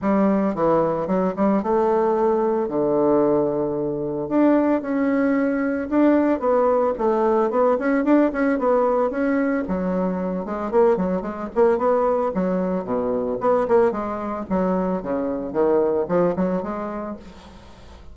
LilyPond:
\new Staff \with { instrumentName = "bassoon" } { \time 4/4 \tempo 4 = 112 g4 e4 fis8 g8 a4~ | a4 d2. | d'4 cis'2 d'4 | b4 a4 b8 cis'8 d'8 cis'8 |
b4 cis'4 fis4. gis8 | ais8 fis8 gis8 ais8 b4 fis4 | b,4 b8 ais8 gis4 fis4 | cis4 dis4 f8 fis8 gis4 | }